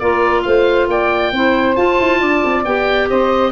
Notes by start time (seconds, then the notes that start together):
0.00 A#3 F4 A#4 D5
0.43 A3 C5 F5
0.89 A#3 D5 G5
1.32 C4 E4 C5
1.76 F4 A5
2.00 E4
2.20 D4 D5
2.45 C4
2.65 B3 G4 G5
3.09 C4 C5 D#5